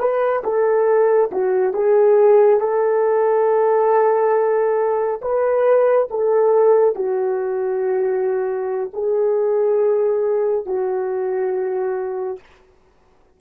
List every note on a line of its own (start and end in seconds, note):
0.00 0.43 B4
0.44 1.31 A4
1.32 1.74 F#4
1.74 2.60 G#4
2.60 5.21 A4
5.22 6.09 B4
6.11 6.96 A4
6.96 8.91 F#4
8.94 10.66 G#4
10.66 12.40 F#4